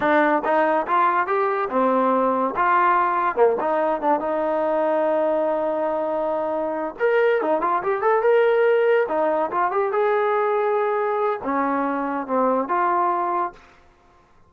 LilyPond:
\new Staff \with { instrumentName = "trombone" } { \time 4/4 \tempo 4 = 142 d'4 dis'4 f'4 g'4 | c'2 f'2 | ais8 dis'4 d'8 dis'2~ | dis'1~ |
dis'8 ais'4 dis'8 f'8 g'8 a'8 ais'8~ | ais'4. dis'4 f'8 g'8 gis'8~ | gis'2. cis'4~ | cis'4 c'4 f'2 | }